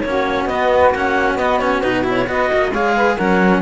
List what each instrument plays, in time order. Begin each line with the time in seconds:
0.00 cello A#3 C#4, clarinet C#5
0.06 saxophone F#4
0.45 cello B3, clarinet D#5
0.90 cello A#3 C#4, clarinet F#5
1.35 cello B3, clarinet D#5
1.59 cello C#4, clarinet C#5
1.81 cello B2 D#4, clarinet B4
2.04 cello E4
2.10 clarinet C#5
2.27 cello B3 F#4, saxophone B4, clarinet D#5
2.50 cello A#3, saxophone D#5
2.71 cello G#3 G#4, saxophone C#5, clarinet F5
2.96 saxophone B4
3.15 cello F#3 C#4, saxophone A#4, clarinet F#5